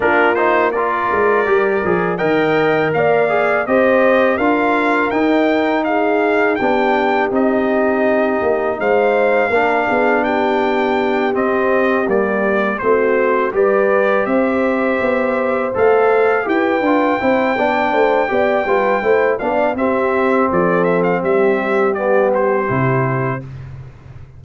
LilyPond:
<<
  \new Staff \with { instrumentName = "trumpet" } { \time 4/4 \tempo 4 = 82 ais'8 c''8 d''2 g''4 | f''4 dis''4 f''4 g''4 | f''4 g''4 dis''2 | f''2 g''4. dis''8~ |
dis''8 d''4 c''4 d''4 e''8~ | e''4. f''4 g''4.~ | g''2~ g''8 f''8 e''4 | d''8 e''16 f''16 e''4 d''8 c''4. | }
  \new Staff \with { instrumentName = "horn" } { \time 4/4 f'4 ais'2 dis''4 | d''4 c''4 ais'2 | gis'4 g'2. | c''4 ais'8 gis'8 g'2~ |
g'4. fis'4 b'4 c''8~ | c''2~ c''8 b'4 c''8 | d''8 c''8 d''8 b'8 c''8 d''8 g'4 | a'4 g'2. | }
  \new Staff \with { instrumentName = "trombone" } { \time 4/4 d'8 dis'8 f'4 g'8 gis'8 ais'4~ | ais'8 gis'8 g'4 f'4 dis'4~ | dis'4 d'4 dis'2~ | dis'4 d'2~ d'8 c'8~ |
c'8 g4 c'4 g'4.~ | g'4. a'4 g'8 f'8 e'8 | d'4 g'8 f'8 e'8 d'8 c'4~ | c'2 b4 e'4 | }
  \new Staff \with { instrumentName = "tuba" } { \time 4/4 ais4. gis8 g8 f8 dis4 | ais4 c'4 d'4 dis'4~ | dis'4 b4 c'4. ais8 | gis4 ais8 b2 c'8~ |
c'8 ais4 a4 g4 c'8~ | c'8 b4 a4 e'8 d'8 c'8 | b8 a8 b8 g8 a8 b8 c'4 | f4 g2 c4 | }
>>